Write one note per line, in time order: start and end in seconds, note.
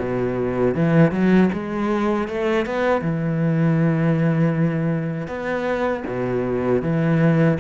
0.00 0.75 B2
0.75 1.12 E3
1.12 1.50 F#3
1.53 2.28 G#3
2.28 2.66 A3
2.66 3.02 B3
3.02 5.28 E3
5.28 6.04 B3
6.07 6.83 B2
6.83 7.59 E3